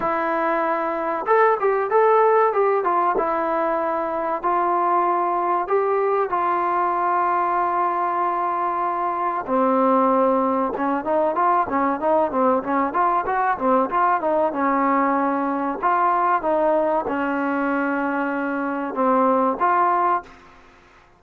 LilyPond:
\new Staff \with { instrumentName = "trombone" } { \time 4/4 \tempo 4 = 95 e'2 a'8 g'8 a'4 | g'8 f'8 e'2 f'4~ | f'4 g'4 f'2~ | f'2. c'4~ |
c'4 cis'8 dis'8 f'8 cis'8 dis'8 c'8 | cis'8 f'8 fis'8 c'8 f'8 dis'8 cis'4~ | cis'4 f'4 dis'4 cis'4~ | cis'2 c'4 f'4 | }